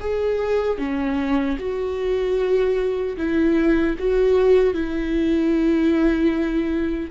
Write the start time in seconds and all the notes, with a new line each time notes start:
0.00 G#4
0.78 C#4
1.59 F#4
3.17 E4
3.98 F#4
4.74 E4